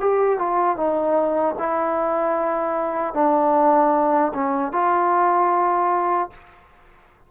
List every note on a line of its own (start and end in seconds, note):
0.00 0.38 G4
0.38 0.76 F4
0.76 1.55 D#4
1.58 3.14 E4
3.14 4.32 D4
4.34 4.72 C#4
4.72 6.30 F4